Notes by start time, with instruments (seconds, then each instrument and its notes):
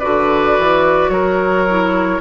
0.00 bassoon D3, clarinet F#4, oboe B4, flute D5
0.59 bassoon E3
1.09 bassoon F#3, oboe A#4, flute C#5
1.69 clarinet E4